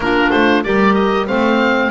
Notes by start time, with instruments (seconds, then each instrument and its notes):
0.00 double bass A#3, clarinet D4, horn F4, oboe A#4
0.31 double bass A3, oboe C5
0.63 double bass G3, clarinet G4, horn A#4, oboe D5
0.94 oboe D#5
1.26 double bass A3, clarinet C4, horn C5, oboe F5